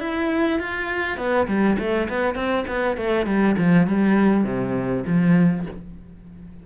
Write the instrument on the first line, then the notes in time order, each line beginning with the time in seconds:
cello
0.00 E4
0.59 F4
1.17 B3
1.47 G3
1.78 A3
2.09 B3
2.35 C4
2.67 B3
2.97 A3
3.26 G3
3.58 F3
3.87 G3
4.44 C3
5.07 F3